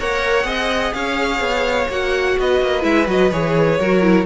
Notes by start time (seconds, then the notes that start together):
0.00 A#3 A#4 C#5 F#5
0.43 C4 G#4 D#5
0.93 C#4 C#5 F5
1.40 B3
1.89 A#3 F#4 F#5
2.38 B3 B4 D#5
2.62 A#3
2.82 G#3 E4 E5
3.07 F#3 F#4 D#5
3.31 E3 G#4 C#5
3.80 F#3 F#4 A#4
4.02 E4